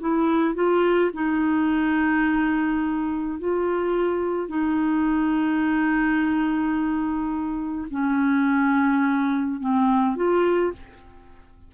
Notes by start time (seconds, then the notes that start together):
0.00 E4
0.55 F4
1.13 D#4
3.39 F4
4.48 D#4
7.90 C#4
9.60 C4
10.16 F4